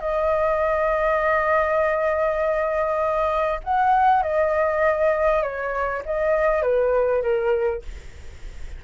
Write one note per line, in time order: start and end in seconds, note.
0.00 3.60 D#5
3.64 4.22 F#5
4.22 5.42 D#5
5.42 6.02 C#5
6.05 6.62 D#5
6.62 7.22 B4
7.22 7.82 A#4